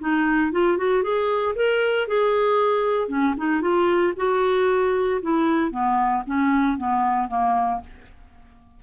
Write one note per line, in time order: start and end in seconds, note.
0.00 0.52 D#4
0.52 0.78 F4
0.78 1.03 F#4
1.03 1.55 G#4
1.55 2.08 A#4
2.08 3.09 G#4
3.09 3.35 C#4
3.37 3.61 D#4
3.61 4.14 F4
4.17 5.21 F#4
5.22 5.71 E4
5.71 6.23 B3
6.26 6.78 C#4
6.78 7.29 B3
7.29 7.81 A#3